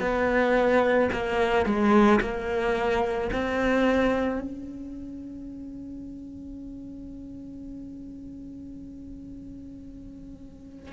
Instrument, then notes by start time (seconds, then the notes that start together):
cello
0.00 B3
1.13 A#3
1.66 G#3
2.21 A#3
3.32 C4
4.41 C#4